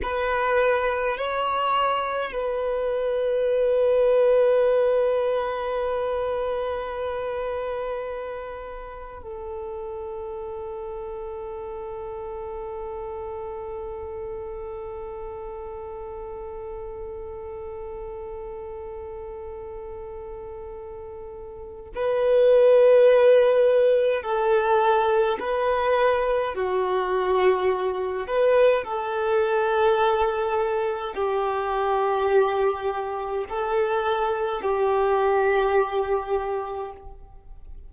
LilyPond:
\new Staff \with { instrumentName = "violin" } { \time 4/4 \tempo 4 = 52 b'4 cis''4 b'2~ | b'1 | a'1~ | a'1~ |
a'2. b'4~ | b'4 a'4 b'4 fis'4~ | fis'8 b'8 a'2 g'4~ | g'4 a'4 g'2 | }